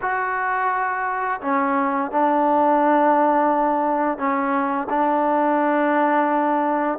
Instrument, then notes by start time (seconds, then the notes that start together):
trombone
0.01 F#4
1.41 C#4
2.11 D4
4.17 C#4
4.89 D4